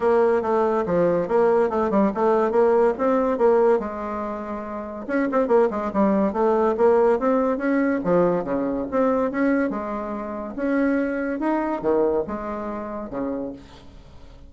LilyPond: \new Staff \with { instrumentName = "bassoon" } { \time 4/4 \tempo 4 = 142 ais4 a4 f4 ais4 | a8 g8 a4 ais4 c'4 | ais4 gis2. | cis'8 c'8 ais8 gis8 g4 a4 |
ais4 c'4 cis'4 f4 | cis4 c'4 cis'4 gis4~ | gis4 cis'2 dis'4 | dis4 gis2 cis4 | }